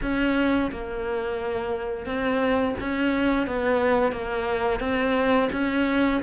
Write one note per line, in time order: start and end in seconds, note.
0.02 0.71 C#4
0.71 2.06 A#3
2.06 2.75 C4
2.80 3.46 C#4
3.46 4.12 B3
4.12 4.80 A#3
4.80 5.49 C4
5.52 6.21 C#4